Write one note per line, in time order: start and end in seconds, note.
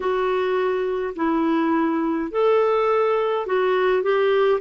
0.00 1.14 F#4
1.15 2.31 E4
2.31 3.46 A4
3.46 4.02 F#4
4.02 4.60 G4